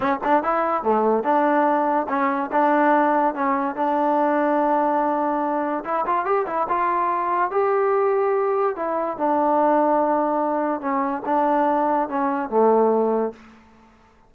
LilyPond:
\new Staff \with { instrumentName = "trombone" } { \time 4/4 \tempo 4 = 144 cis'8 d'8 e'4 a4 d'4~ | d'4 cis'4 d'2 | cis'4 d'2.~ | d'2 e'8 f'8 g'8 e'8 |
f'2 g'2~ | g'4 e'4 d'2~ | d'2 cis'4 d'4~ | d'4 cis'4 a2 | }